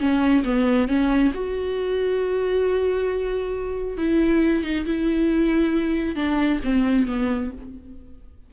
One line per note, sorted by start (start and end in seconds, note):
0.00 0.44 C#4
0.45 0.88 B3
0.88 1.33 C#4
1.34 3.98 F#4
3.98 4.64 E4
4.64 4.86 D#4
4.86 6.16 E4
6.16 6.60 D4
6.65 7.08 C4
7.08 7.52 B3